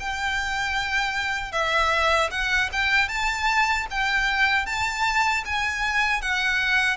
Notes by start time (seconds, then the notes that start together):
0.00 G5
1.52 E5
2.31 F#5
2.73 G5
3.09 A5
3.91 G5
4.66 A5
5.45 G#5
6.22 F#5